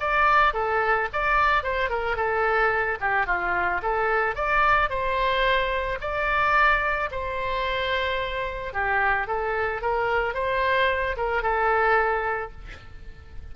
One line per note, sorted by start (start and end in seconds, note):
0.00 0.54 D5
0.54 1.09 A4
1.13 1.64 D5
1.64 1.90 C5
1.90 2.17 A#4
2.17 2.99 A4
3.01 3.27 G4
3.27 3.81 F4
3.83 4.35 A4
4.35 4.90 D5
4.90 5.99 C5
6.01 7.10 D5
7.11 8.73 C5
8.73 9.27 G4
9.27 9.82 A4
9.82 10.34 A#4
10.34 11.16 C5
11.17 11.43 A#4
11.43 12.52 A4